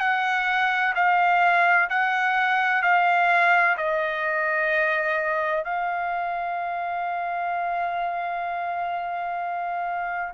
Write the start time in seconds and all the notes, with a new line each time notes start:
0.00 F#5
0.95 F5
1.90 F#5
2.83 F5
3.77 D#5
5.64 F5